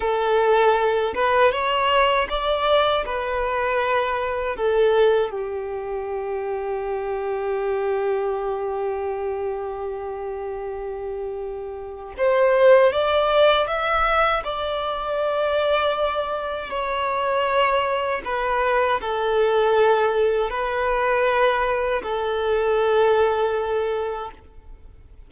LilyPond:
\new Staff \with { instrumentName = "violin" } { \time 4/4 \tempo 4 = 79 a'4. b'8 cis''4 d''4 | b'2 a'4 g'4~ | g'1~ | g'1 |
c''4 d''4 e''4 d''4~ | d''2 cis''2 | b'4 a'2 b'4~ | b'4 a'2. | }